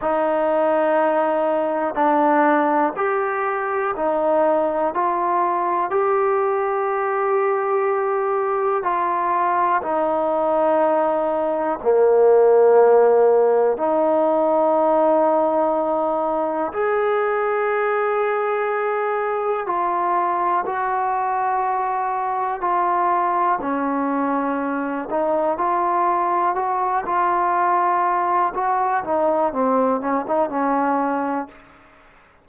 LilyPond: \new Staff \with { instrumentName = "trombone" } { \time 4/4 \tempo 4 = 61 dis'2 d'4 g'4 | dis'4 f'4 g'2~ | g'4 f'4 dis'2 | ais2 dis'2~ |
dis'4 gis'2. | f'4 fis'2 f'4 | cis'4. dis'8 f'4 fis'8 f'8~ | f'4 fis'8 dis'8 c'8 cis'16 dis'16 cis'4 | }